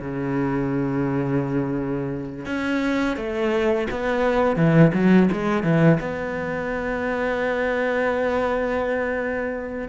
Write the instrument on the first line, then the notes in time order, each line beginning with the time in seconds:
cello
0.00 C#3
2.46 C#4
3.16 A3
3.90 B3
4.56 E3
4.93 F#3
5.32 G#3
5.63 E3
6.00 B3